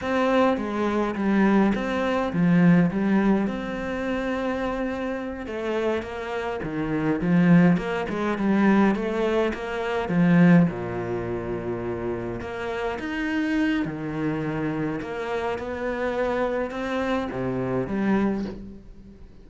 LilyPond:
\new Staff \with { instrumentName = "cello" } { \time 4/4 \tempo 4 = 104 c'4 gis4 g4 c'4 | f4 g4 c'2~ | c'4. a4 ais4 dis8~ | dis8 f4 ais8 gis8 g4 a8~ |
a8 ais4 f4 ais,4.~ | ais,4. ais4 dis'4. | dis2 ais4 b4~ | b4 c'4 c4 g4 | }